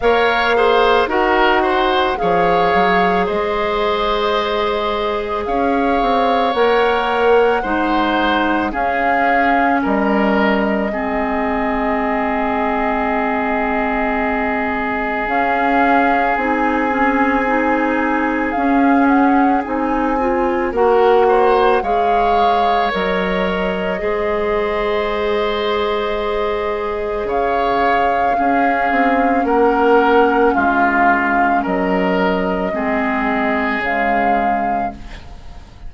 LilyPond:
<<
  \new Staff \with { instrumentName = "flute" } { \time 4/4 \tempo 4 = 55 f''4 fis''4 f''4 dis''4~ | dis''4 f''4 fis''2 | f''4 dis''2.~ | dis''2 f''4 gis''4~ |
gis''4 f''8 fis''8 gis''4 fis''4 | f''4 dis''2.~ | dis''4 f''2 fis''4 | f''4 dis''2 f''4 | }
  \new Staff \with { instrumentName = "oboe" } { \time 4/4 cis''8 c''8 ais'8 c''8 cis''4 c''4~ | c''4 cis''2 c''4 | gis'4 ais'4 gis'2~ | gis'1~ |
gis'2. ais'8 c''8 | cis''2 c''2~ | c''4 cis''4 gis'4 ais'4 | f'4 ais'4 gis'2 | }
  \new Staff \with { instrumentName = "clarinet" } { \time 4/4 ais'8 gis'8 fis'4 gis'2~ | gis'2 ais'4 dis'4 | cis'2 c'2~ | c'2 cis'4 dis'8 cis'8 |
dis'4 cis'4 dis'8 f'8 fis'4 | gis'4 ais'4 gis'2~ | gis'2 cis'2~ | cis'2 c'4 gis4 | }
  \new Staff \with { instrumentName = "bassoon" } { \time 4/4 ais4 dis'4 f8 fis8 gis4~ | gis4 cis'8 c'8 ais4 gis4 | cis'4 g4 gis2~ | gis2 cis'4 c'4~ |
c'4 cis'4 c'4 ais4 | gis4 fis4 gis2~ | gis4 cis4 cis'8 c'8 ais4 | gis4 fis4 gis4 cis4 | }
>>